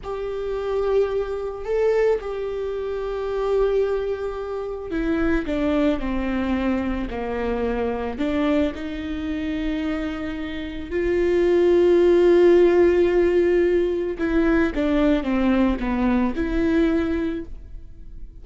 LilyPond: \new Staff \with { instrumentName = "viola" } { \time 4/4 \tempo 4 = 110 g'2. a'4 | g'1~ | g'4 e'4 d'4 c'4~ | c'4 ais2 d'4 |
dis'1 | f'1~ | f'2 e'4 d'4 | c'4 b4 e'2 | }